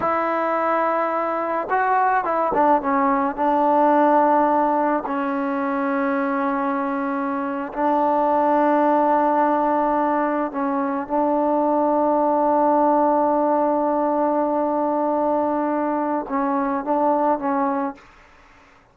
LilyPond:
\new Staff \with { instrumentName = "trombone" } { \time 4/4 \tempo 4 = 107 e'2. fis'4 | e'8 d'8 cis'4 d'2~ | d'4 cis'2.~ | cis'4.~ cis'16 d'2~ d'16~ |
d'2~ d'8. cis'4 d'16~ | d'1~ | d'1~ | d'4 cis'4 d'4 cis'4 | }